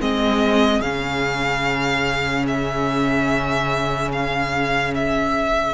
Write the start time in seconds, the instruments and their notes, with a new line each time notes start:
0.00 cello G#3, viola C4, oboe G#4, violin D#5
0.81 cello C#3, viola C#4, violin F5
2.47 violin E5
4.12 violin F5
4.95 violin E5